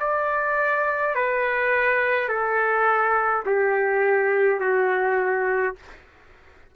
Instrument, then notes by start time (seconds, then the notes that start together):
trumpet
0.00 D5
1.15 B4
2.29 A4
3.46 G4
4.60 F#4